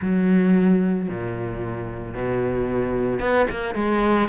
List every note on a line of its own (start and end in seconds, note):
0.01 1.08 F#3
1.09 2.14 A#2
2.14 3.19 B2
3.19 3.46 B3
3.50 3.75 A#3
3.75 4.28 G#3